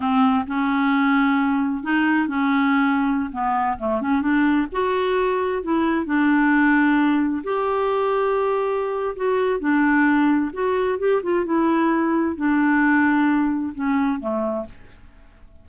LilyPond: \new Staff \with { instrumentName = "clarinet" } { \time 4/4 \tempo 4 = 131 c'4 cis'2. | dis'4 cis'2~ cis'16 b8.~ | b16 a8 cis'8 d'4 fis'4.~ fis'16~ | fis'16 e'4 d'2~ d'8.~ |
d'16 g'2.~ g'8. | fis'4 d'2 fis'4 | g'8 f'8 e'2 d'4~ | d'2 cis'4 a4 | }